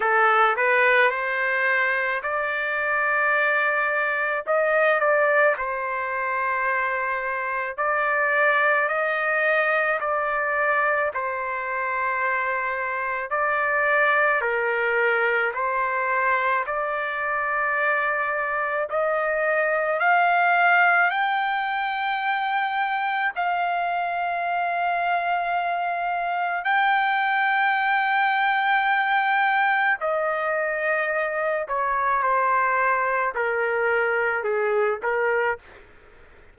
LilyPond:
\new Staff \with { instrumentName = "trumpet" } { \time 4/4 \tempo 4 = 54 a'8 b'8 c''4 d''2 | dis''8 d''8 c''2 d''4 | dis''4 d''4 c''2 | d''4 ais'4 c''4 d''4~ |
d''4 dis''4 f''4 g''4~ | g''4 f''2. | g''2. dis''4~ | dis''8 cis''8 c''4 ais'4 gis'8 ais'8 | }